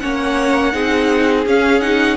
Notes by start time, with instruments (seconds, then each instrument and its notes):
0.00 cello A#3, viola C#4, violin C#5 F#5
0.73 cello C4, viola D#4, violin G#4
1.46 cello C#4, viola C#4, violin F5
1.81 viola D#4, violin F#5